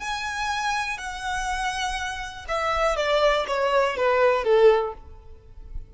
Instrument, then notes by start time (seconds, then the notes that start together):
violin
0.00 G#5
0.98 F#5
2.48 E5
2.96 D5
3.47 C#5
3.97 B4
4.44 A4